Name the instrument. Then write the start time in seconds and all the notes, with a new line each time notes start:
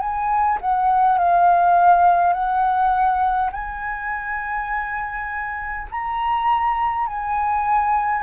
flute
0.00 G#5
0.61 F#5
1.18 F5
2.33 F#5
3.52 G#5
5.91 A#5
7.07 G#5